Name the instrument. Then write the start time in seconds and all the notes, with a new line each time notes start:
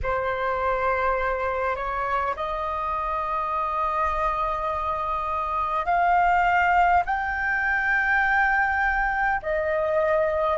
flute
0.03 C5
1.76 C#5
2.36 D#5
5.85 F5
7.05 G5
9.42 D#5